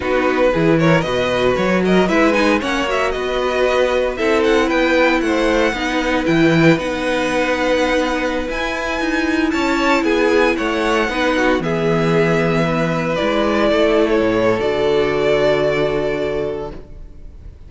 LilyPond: <<
  \new Staff \with { instrumentName = "violin" } { \time 4/4 \tempo 4 = 115 b'4. cis''8 dis''4 cis''8 dis''8 | e''8 gis''8 fis''8 e''8 dis''2 | e''8 fis''8 g''4 fis''2 | g''4 fis''2.~ |
fis''16 gis''2 a''4 gis''8.~ | gis''16 fis''2 e''4.~ e''16~ | e''4~ e''16 d''4.~ d''16 cis''4 | d''1 | }
  \new Staff \with { instrumentName = "violin" } { \time 4/4 fis'4 gis'8 ais'8 b'4. ais'8 | b'4 cis''4 b'2 | a'4 b'4 c''4 b'4~ | b'1~ |
b'2~ b'16 cis''4 gis'8.~ | gis'16 cis''4 b'8 fis'8 gis'4.~ gis'16~ | gis'16 b'2 a'4.~ a'16~ | a'1 | }
  \new Staff \with { instrumentName = "viola" } { \time 4/4 dis'4 e'4 fis'2 | e'8 dis'8 cis'8 fis'2~ fis'8 | e'2. dis'4 | e'4 dis'2.~ |
dis'16 e'2.~ e'8.~ | e'4~ e'16 dis'4 b4.~ b16~ | b4~ b16 e'2~ e'8. | fis'1 | }
  \new Staff \with { instrumentName = "cello" } { \time 4/4 b4 e4 b,4 fis4 | gis4 ais4 b2 | c'4 b4 a4 b4 | e4 b2.~ |
b16 e'4 dis'4 cis'4 b8.~ | b16 a4 b4 e4.~ e16~ | e4~ e16 gis4 a4 a,8. | d1 | }
>>